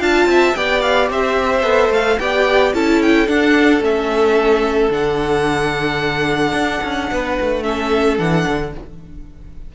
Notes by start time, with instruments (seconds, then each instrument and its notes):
0.00 cello D4, viola F4, violin F5 A5
0.26 cello C4, violin E5
0.55 cello B3, viola G4, violin D5 G5
0.82 violin F5
1.10 cello C4, violin C5 E5
1.63 cello B3, viola A4
1.90 cello A3, violin F5
2.19 cello B3, viola G4, violin D5 G5
2.74 cello C#4, viola E4, violin A4 A5
3.02 violin G5
3.27 viola D4, cello D4, violin F#5
3.81 cello A3, viola C#4, violin E5
4.90 cello D3, viola D4, violin F#5
6.53 cello D4
6.84 cello C#4
7.12 cello B3, violin B4
7.41 cello A3
7.63 viola C#4, violin A4 E5
8.18 cello E3, viola D4, violin F#5
8.48 cello D3